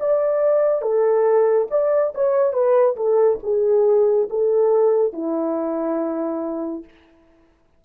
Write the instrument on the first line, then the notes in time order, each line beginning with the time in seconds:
horn
0.00 D5
0.82 A4
1.70 D5
2.15 C#5
2.53 B4
2.96 A4
3.43 G#4
4.29 A4
5.13 E4